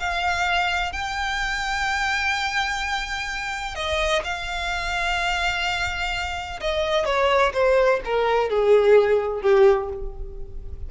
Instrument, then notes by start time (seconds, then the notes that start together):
violin
0.00 F5
0.93 G5
3.76 D#5
4.24 F5
6.61 D#5
7.06 C#5
7.54 C5
8.05 A#4
8.50 G#4
9.42 G4